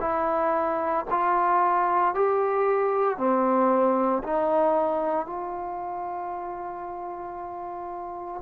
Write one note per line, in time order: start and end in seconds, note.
0.00 1.05 E4
1.10 2.14 F4
2.14 3.17 G4
3.17 4.22 C4
4.23 5.26 D#4
5.26 8.41 F4